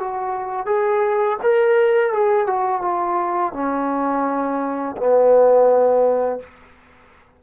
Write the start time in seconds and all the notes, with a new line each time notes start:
0.00 F#4
0.67 G#4
1.43 A#4
2.14 G#4
2.47 F#4
2.82 F4
3.54 C#4
4.97 B3